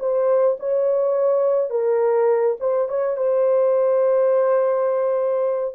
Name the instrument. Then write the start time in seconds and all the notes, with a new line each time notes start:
horn
0.00 C5
0.60 C#5
1.71 A#4
2.60 C5
2.89 C#5
3.17 C5